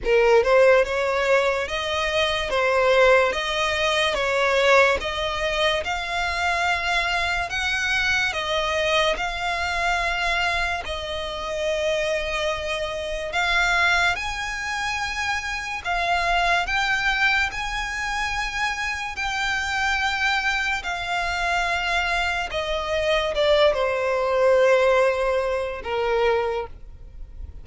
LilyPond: \new Staff \with { instrumentName = "violin" } { \time 4/4 \tempo 4 = 72 ais'8 c''8 cis''4 dis''4 c''4 | dis''4 cis''4 dis''4 f''4~ | f''4 fis''4 dis''4 f''4~ | f''4 dis''2. |
f''4 gis''2 f''4 | g''4 gis''2 g''4~ | g''4 f''2 dis''4 | d''8 c''2~ c''8 ais'4 | }